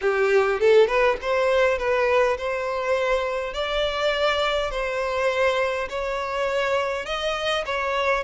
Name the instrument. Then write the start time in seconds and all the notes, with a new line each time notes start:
violin
0.01 G4
0.59 A4
0.87 B4
1.21 C5
1.78 B4
2.37 C5
3.53 D5
4.70 C5
5.89 C#5
7.05 D#5
7.65 C#5